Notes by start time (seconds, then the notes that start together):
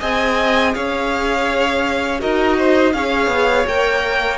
0.00 C4 G#4 D#5 G#5
0.74 C#4 C#5 F5
2.19 D#4 F#4 A#4 D#5
2.57 C5
2.93 C#4 G#4 C#5 F5
3.27 B3
3.67 A#3 A#4 G5